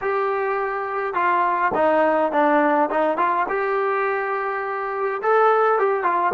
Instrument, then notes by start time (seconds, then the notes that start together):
trombone
0.01 G4
1.14 F4
1.74 D#4
2.32 D4
2.90 D#4
3.17 F4
3.48 G4
5.22 A4
5.78 G4
6.03 F4